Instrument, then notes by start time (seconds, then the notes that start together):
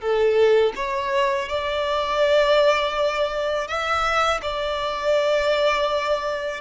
violin
0.00 A4
0.75 C#5
1.49 D5
3.68 E5
4.42 D5